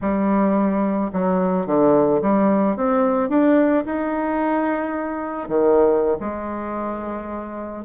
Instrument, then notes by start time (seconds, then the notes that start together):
bassoon
0.01 G3
1.12 F#3
1.66 D3
2.21 G3
2.76 C4
3.29 D4
3.85 D#4
5.48 D#3
6.20 G#3